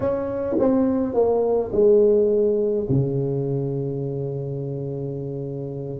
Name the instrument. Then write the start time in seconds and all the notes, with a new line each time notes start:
tuba
0.00 C#4
0.59 C4
1.14 A#3
1.72 G#3
2.89 C#3